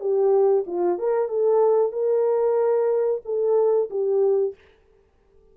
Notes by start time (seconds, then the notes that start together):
0.00 G4
0.67 F4
0.99 A#4
1.29 A4
1.92 A#4
3.25 A4
3.90 G4